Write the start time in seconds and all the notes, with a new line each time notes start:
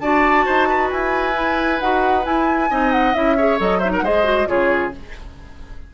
0.00 D4 F#4 D5 A5
0.46 D#4 C5
0.69 B4
0.91 E4 G#5
1.34 E4
1.80 D#4 F#4 F#5
2.23 E4 G#5
2.70 C4 D#4 D#5
2.92 F#5
3.14 C#4 E4 E5
3.37 G#4 C#5
3.59 F#3 A4 D#5
3.79 D#4 C5 E5
3.93 A#4 F#5
4.02 G#3 G#4 C5 D#5
4.24 F#4
4.47 C#3 F4 G#4 C#5